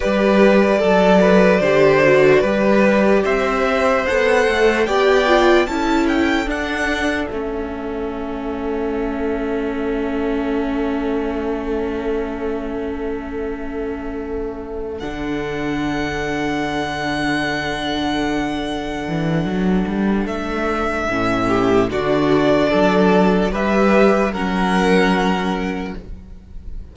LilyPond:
<<
  \new Staff \with { instrumentName = "violin" } { \time 4/4 \tempo 4 = 74 d''1 | e''4 fis''4 g''4 a''8 g''8 | fis''4 e''2.~ | e''1~ |
e''2~ e''8 fis''4.~ | fis''1~ | fis''4 e''2 d''4~ | d''4 e''4 fis''2 | }
  \new Staff \with { instrumentName = "violin" } { \time 4/4 b'4 a'8 b'8 c''4 b'4 | c''2 d''4 a'4~ | a'1~ | a'1~ |
a'1~ | a'1~ | a'2~ a'8 g'8 fis'4 | a'4 b'4 ais'2 | }
  \new Staff \with { instrumentName = "viola" } { \time 4/4 g'4 a'4 g'8 fis'8 g'4~ | g'4 a'4 g'8 f'8 e'4 | d'4 cis'2.~ | cis'1~ |
cis'2~ cis'8 d'4.~ | d'1~ | d'2 cis'4 d'4~ | d'4 g'4 cis'2 | }
  \new Staff \with { instrumentName = "cello" } { \time 4/4 g4 fis4 d4 g4 | c'4 b8 a8 b4 cis'4 | d'4 a2.~ | a1~ |
a2~ a8 d4.~ | d2.~ d8 e8 | fis8 g8 a4 a,4 d4 | fis4 g4 fis2 | }
>>